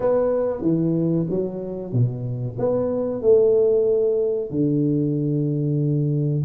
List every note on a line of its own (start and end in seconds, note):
0.00 0.61 B3
0.61 1.26 E3
1.29 1.92 F#3
1.92 2.57 B2
2.58 3.21 B3
3.21 4.50 A3
4.50 6.44 D3